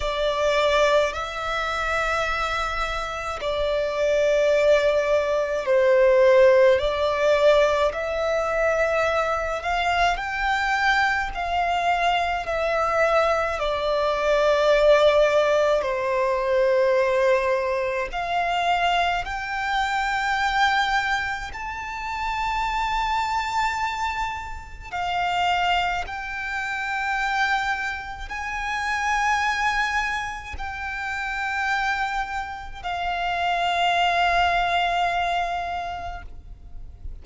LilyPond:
\new Staff \with { instrumentName = "violin" } { \time 4/4 \tempo 4 = 53 d''4 e''2 d''4~ | d''4 c''4 d''4 e''4~ | e''8 f''8 g''4 f''4 e''4 | d''2 c''2 |
f''4 g''2 a''4~ | a''2 f''4 g''4~ | g''4 gis''2 g''4~ | g''4 f''2. | }